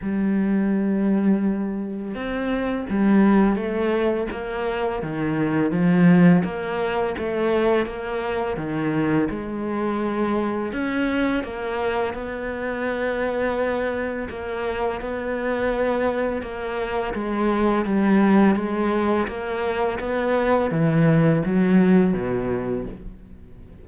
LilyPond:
\new Staff \with { instrumentName = "cello" } { \time 4/4 \tempo 4 = 84 g2. c'4 | g4 a4 ais4 dis4 | f4 ais4 a4 ais4 | dis4 gis2 cis'4 |
ais4 b2. | ais4 b2 ais4 | gis4 g4 gis4 ais4 | b4 e4 fis4 b,4 | }